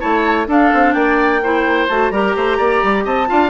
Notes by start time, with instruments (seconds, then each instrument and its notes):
0.00 bassoon A3, clarinet E4, oboe C#5, flute A5
0.48 bassoon D4, clarinet D4, oboe A4, flute F5
0.74 bassoon C4
0.94 bassoon A#3, oboe D5, flute G5
1.44 clarinet E4, oboe C5
1.89 bassoon A3, clarinet F#4, flute A5
2.11 bassoon G3, clarinet G4, oboe A#4, flute A#5
2.37 bassoon A3, oboe C5
2.58 bassoon A#3, oboe D5
2.83 bassoon G3
3.05 bassoon C4, oboe D#5, flute A5
3.27 bassoon D4, clarinet F4, oboe F5